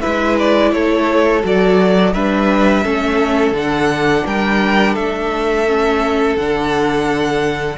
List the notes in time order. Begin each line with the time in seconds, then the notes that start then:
0.00 G#3 E4 B4 E5
0.39 D5
0.71 A3 A4 C#5
1.42 F#3 F#4 D5
2.13 G3 D4 B4 E5
2.83 A3 C#4 A4
3.51 D3 D4 F#5
4.26 G3 A#4 G5
4.93 A3 A4 E5
5.67 C#4
6.36 D3 D4 F#5